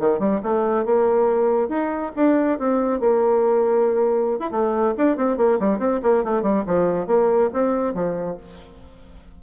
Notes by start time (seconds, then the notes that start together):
0.00 D#3
0.19 G3
0.43 A3
0.86 A#3
1.69 D#4
2.16 D4
2.59 C4
3.00 A#3
4.39 E4
4.51 A3
4.98 D4
5.17 C4
5.38 A#3
5.60 G3
5.79 C4
6.03 A#3
6.24 A3
6.43 G3
6.67 F3
7.07 A#3
7.54 C4
7.94 F3